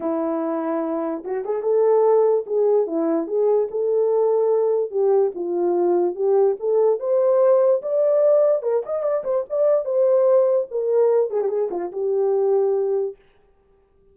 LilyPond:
\new Staff \with { instrumentName = "horn" } { \time 4/4 \tempo 4 = 146 e'2. fis'8 gis'8 | a'2 gis'4 e'4 | gis'4 a'2. | g'4 f'2 g'4 |
a'4 c''2 d''4~ | d''4 ais'8 dis''8 d''8 c''8 d''4 | c''2 ais'4. gis'16 g'16 | gis'8 f'8 g'2. | }